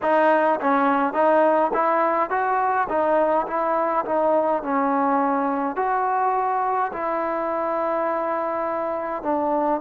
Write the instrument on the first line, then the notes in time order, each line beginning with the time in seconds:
trombone
0.02 D#4
0.60 C#4
1.13 D#4
1.73 E4
2.30 F#4
2.88 D#4
3.47 E4
4.05 D#4
4.63 C#4
5.76 F#4
6.92 E4
9.23 D4